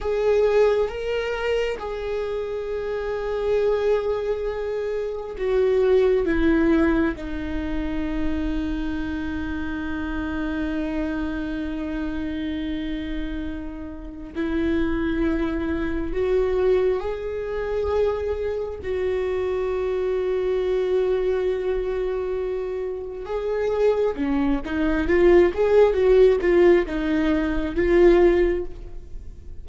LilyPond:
\new Staff \with { instrumentName = "viola" } { \time 4/4 \tempo 4 = 67 gis'4 ais'4 gis'2~ | gis'2 fis'4 e'4 | dis'1~ | dis'1 |
e'2 fis'4 gis'4~ | gis'4 fis'2.~ | fis'2 gis'4 cis'8 dis'8 | f'8 gis'8 fis'8 f'8 dis'4 f'4 | }